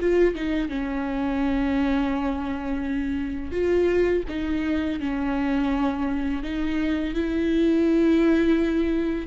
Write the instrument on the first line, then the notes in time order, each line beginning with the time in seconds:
viola
0.00 F4
0.35 D#4
0.69 C#4
3.52 F4
4.29 D#4
5.00 C#4
6.43 D#4
7.15 E4